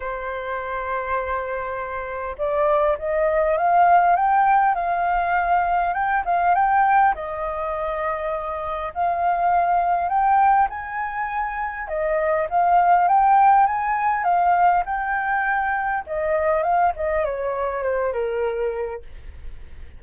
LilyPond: \new Staff \with { instrumentName = "flute" } { \time 4/4 \tempo 4 = 101 c''1 | d''4 dis''4 f''4 g''4 | f''2 g''8 f''8 g''4 | dis''2. f''4~ |
f''4 g''4 gis''2 | dis''4 f''4 g''4 gis''4 | f''4 g''2 dis''4 | f''8 dis''8 cis''4 c''8 ais'4. | }